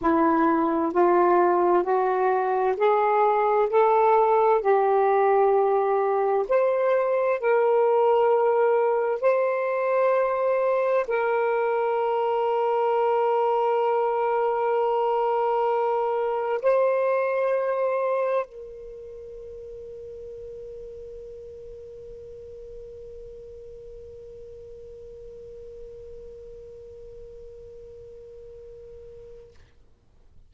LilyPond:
\new Staff \with { instrumentName = "saxophone" } { \time 4/4 \tempo 4 = 65 e'4 f'4 fis'4 gis'4 | a'4 g'2 c''4 | ais'2 c''2 | ais'1~ |
ais'2 c''2 | ais'1~ | ais'1~ | ais'1 | }